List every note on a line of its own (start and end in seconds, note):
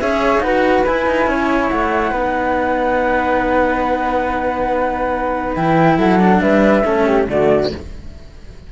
0.00 0.38 C#4
0.00 0.43 G#4
0.00 0.44 C#5
0.00 0.41 E5
0.38 0.81 D#4
0.38 0.86 F#4
0.38 1.30 B4
0.38 0.84 F#5
0.86 1.06 E4
0.86 2.15 E4
0.86 1.69 G#5
1.06 1.27 D#4
1.27 1.70 C#4
1.27 2.12 C#5
1.69 2.12 A3
1.69 5.55 F#5
2.12 5.55 B3
2.12 5.57 D#4
2.12 5.97 B4
5.56 5.98 E3
5.56 6.19 E4
5.56 5.98 G5
5.98 6.41 F#3
5.98 6.41 A4
5.98 6.40 F#5
6.19 6.84 D4
6.40 6.85 G3
6.40 6.85 B4
6.40 7.26 E5
6.85 7.28 A3
6.85 7.28 C#4
6.85 7.06 A4
7.06 7.28 G4
7.28 7.71 D3
7.28 7.73 A3
7.28 7.73 F#4
7.28 7.72 D5